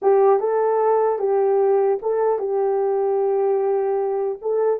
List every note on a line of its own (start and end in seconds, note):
0.02 0.39 G4
0.39 1.18 A4
1.18 1.98 G4
2.01 2.39 A4
2.39 4.39 G4
4.41 4.79 A4